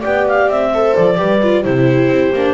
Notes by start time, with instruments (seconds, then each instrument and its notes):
0.00 double bass B3, viola G4, horn D5, clarinet G5
0.27 clarinet F5
0.48 double bass C4, clarinet E5
0.74 viola A4, horn C5
0.95 double bass F3, clarinet D5
1.16 double bass G3, viola G4, horn B4
1.43 viola F4
1.64 double bass C3, viola E4, horn G4, clarinet C5
2.08 double bass C4
2.32 double bass A#3, viola D4